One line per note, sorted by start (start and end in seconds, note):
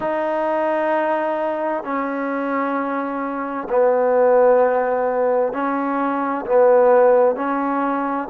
0.00 1.83 D#4
1.83 3.68 C#4
3.69 5.53 B3
5.53 6.45 C#4
6.46 7.36 B3
7.36 8.28 C#4